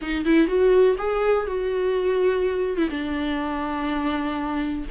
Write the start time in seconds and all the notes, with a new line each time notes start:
0.01 D#4
0.25 E4
0.47 F#4
0.98 G#4
1.46 F#4
2.77 E4
2.90 D4